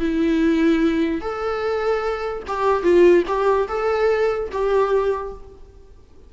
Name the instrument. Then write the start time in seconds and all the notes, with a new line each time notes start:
viola
0.00 E4
1.22 A4
2.48 G4
2.84 F4
3.28 G4
3.69 A4
4.52 G4